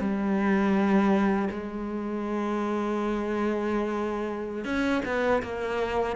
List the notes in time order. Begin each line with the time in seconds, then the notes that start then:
0.00 G3
1.50 G#3
4.64 C#4
5.05 B3
5.42 A#3